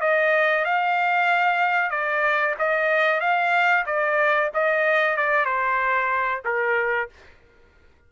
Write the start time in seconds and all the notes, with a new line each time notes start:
0.00 D#5
0.65 F5
1.90 D5
2.58 D#5
3.20 F5
3.86 D5
4.54 D#5
5.17 D5
5.45 C5
6.44 A#4